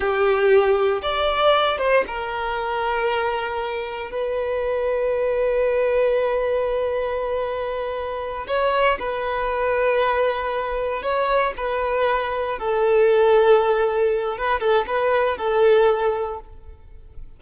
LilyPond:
\new Staff \with { instrumentName = "violin" } { \time 4/4 \tempo 4 = 117 g'2 d''4. c''8 | ais'1 | b'1~ | b'1~ |
b'8 cis''4 b'2~ b'8~ | b'4. cis''4 b'4.~ | b'8 a'2.~ a'8 | b'8 a'8 b'4 a'2 | }